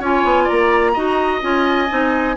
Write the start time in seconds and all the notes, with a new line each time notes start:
0.00 C#4 F4 C#5 G#5
0.25 B3
0.44 D5 A#5
0.51 A#3
0.94 D#4 F#4 D#5
1.42 C#4 F4 G#5
1.90 C4 D#4